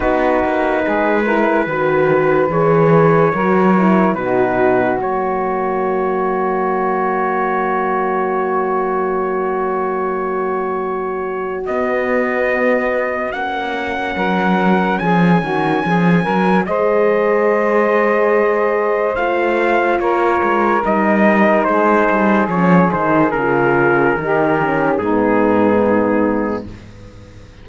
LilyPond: <<
  \new Staff \with { instrumentName = "trumpet" } { \time 4/4 \tempo 4 = 72 b'2. cis''4~ | cis''4 b'4 cis''2~ | cis''1~ | cis''2 dis''2 |
fis''2 gis''2 | dis''2. f''4 | cis''4 dis''4 c''4 cis''8 c''8 | ais'2 gis'2 | }
  \new Staff \with { instrumentName = "saxophone" } { \time 4/4 fis'4 gis'8 ais'8 b'2 | ais'4 fis'2.~ | fis'1~ | fis'1~ |
fis'4 ais'4 gis'8 fis'8 gis'8 ais'8 | c''1 | ais'2 gis'2~ | gis'4 g'4 dis'2 | }
  \new Staff \with { instrumentName = "horn" } { \time 4/4 dis'4. e'8 fis'4 gis'4 | fis'8 e'8 dis'4 ais2~ | ais1~ | ais2 b2 |
cis'1 | gis'2. f'4~ | f'4 dis'2 cis'8 dis'8 | f'4 dis'8 cis'8 b2 | }
  \new Staff \with { instrumentName = "cello" } { \time 4/4 b8 ais8 gis4 dis4 e4 | fis4 b,4 fis2~ | fis1~ | fis2 b2 |
ais4 fis4 f8 dis8 f8 fis8 | gis2. a4 | ais8 gis8 g4 gis8 g8 f8 dis8 | cis4 dis4 gis,2 | }
>>